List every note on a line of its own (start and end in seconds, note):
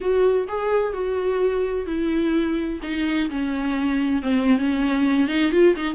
0.00 0.47 F#4
0.48 0.93 G#4
0.93 1.86 F#4
1.86 2.80 E4
2.82 3.29 D#4
3.30 4.22 C#4
4.22 4.57 C4
4.57 5.27 C#4
5.28 5.51 D#4
5.51 5.75 F4
5.75 5.95 D#4